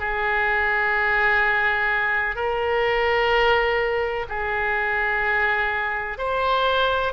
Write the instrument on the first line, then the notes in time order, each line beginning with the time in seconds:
oboe
0.00 G#4
2.35 A#4
4.29 G#4
6.18 C5